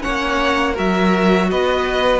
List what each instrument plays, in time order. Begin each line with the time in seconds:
0.00 cello A#3, viola C#4, violin C#5 F#5
0.73 cello F#3, viola F#4, violin A#4 E5
1.50 cello B3, violin B4 D#5